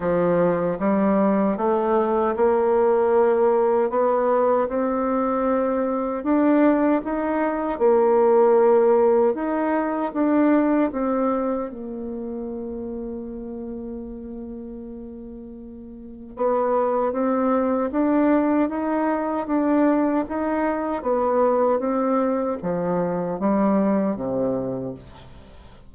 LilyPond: \new Staff \with { instrumentName = "bassoon" } { \time 4/4 \tempo 4 = 77 f4 g4 a4 ais4~ | ais4 b4 c'2 | d'4 dis'4 ais2 | dis'4 d'4 c'4 ais4~ |
ais1~ | ais4 b4 c'4 d'4 | dis'4 d'4 dis'4 b4 | c'4 f4 g4 c4 | }